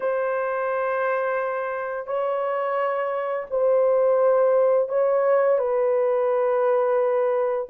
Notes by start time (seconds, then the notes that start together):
0.00 C5
2.06 C#5
3.50 C5
4.88 C#5
5.58 B4